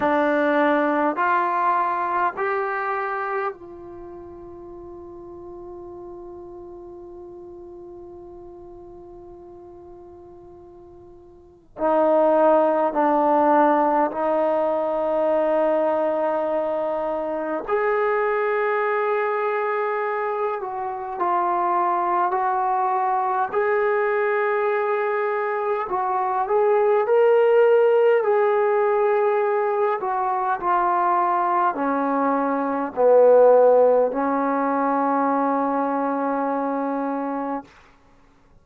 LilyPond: \new Staff \with { instrumentName = "trombone" } { \time 4/4 \tempo 4 = 51 d'4 f'4 g'4 f'4~ | f'1~ | f'2 dis'4 d'4 | dis'2. gis'4~ |
gis'4. fis'8 f'4 fis'4 | gis'2 fis'8 gis'8 ais'4 | gis'4. fis'8 f'4 cis'4 | b4 cis'2. | }